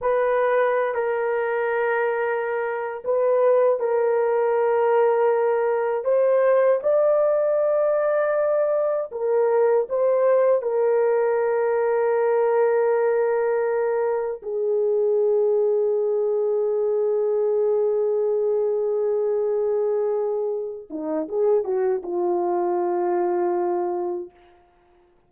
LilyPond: \new Staff \with { instrumentName = "horn" } { \time 4/4 \tempo 4 = 79 b'4~ b'16 ais'2~ ais'8. | b'4 ais'2. | c''4 d''2. | ais'4 c''4 ais'2~ |
ais'2. gis'4~ | gis'1~ | gis'2.~ gis'8 dis'8 | gis'8 fis'8 f'2. | }